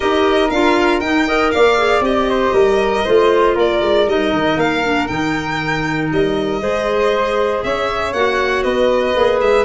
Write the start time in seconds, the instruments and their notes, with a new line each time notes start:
0.00 tuba D#4, clarinet G4, flute A#4, violin D#5
0.50 tuba D4, clarinet F4, violin F5
1.00 tuba D#4, clarinet D#4, violin G5
1.26 clarinet A#4, flute D#5
1.51 tuba A#3, flute D5, violin F5
1.77 clarinet G#4
2.00 tuba C4, clarinet G4, violin D#5
2.29 flute C5
2.52 tuba G3, flute A#4
3.04 tuba A3, clarinet F4, flute C5
3.55 tuba A#3, flute A#4, violin D5
3.81 tuba G#3
4.07 tuba G3, clarinet D#4, violin D#5
4.33 tuba D#3
4.56 tuba A#3, violin F5
4.83 clarinet D4
5.07 tuba D#3, clarinet D#4, violin G5
6.12 tuba G3, violin D#5
6.59 tuba G#3, clarinet G#4, flute C5
7.63 tuba C#4, flute C#5, violin E5
8.13 tuba A#3, clarinet F#4, violin F#5
8.63 tuba B3, flute B4, violin D#5
9.14 tuba A#3, clarinet G#4
9.40 tuba G#3, violin E5